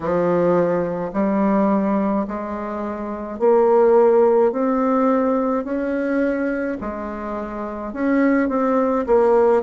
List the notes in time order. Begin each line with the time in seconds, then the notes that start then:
0.00 F3
1.13 G3
2.27 G#3
3.39 A#3
4.52 C4
5.64 C#4
6.80 G#3
7.93 C#4
8.49 C4
9.06 A#3